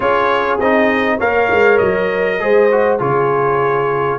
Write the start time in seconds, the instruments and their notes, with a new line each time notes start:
0.00 tuba C#4, trombone F4, horn G#4, trumpet C#5
0.59 tuba C4, trombone D#4, trumpet D#5
1.17 tuba A#3, trombone A#4, horn C#5, trumpet F5
1.50 tuba G#3
1.78 tuba F#3, trumpet D#5
2.39 tuba G#3, trombone G#4, horn C5
2.71 trombone F#4
2.99 tuba C#3, trombone F4, horn G#4, trumpet C#5